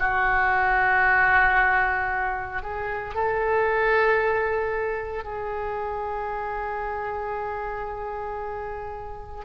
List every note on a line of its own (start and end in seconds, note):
0.00 2.63 F#4
2.63 3.15 G#4
3.15 5.24 A4
5.24 9.45 G#4